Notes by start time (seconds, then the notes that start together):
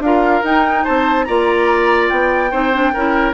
0.00 D4 F4 F5
0.06 A#4
0.44 D#4 G5
0.84 C4 C5 A5
1.25 A#3 F4 D5 A#5
2.09 B3 G5
2.51 C4 D#4 C5
2.73 D4
2.94 C#4 E4 A#4